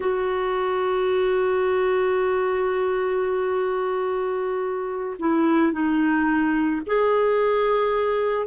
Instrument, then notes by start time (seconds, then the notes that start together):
clarinet
0.00 F#4
5.19 E4
5.72 D#4
6.86 G#4